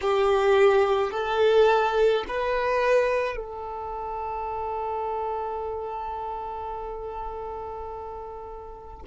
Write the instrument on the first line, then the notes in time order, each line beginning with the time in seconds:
violin
0.01 G4
1.11 A4
2.27 B4
3.36 A4